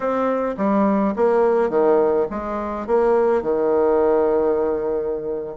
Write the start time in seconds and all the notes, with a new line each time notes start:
0.00 C4
0.57 G3
1.16 A#3
1.69 D#3
2.30 G#3
2.86 A#3
3.42 D#3